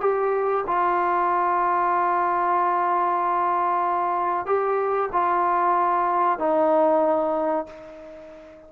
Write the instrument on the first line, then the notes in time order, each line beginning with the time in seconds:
trombone
0.00 G4
0.66 F4
4.46 G4
5.12 F4
6.38 D#4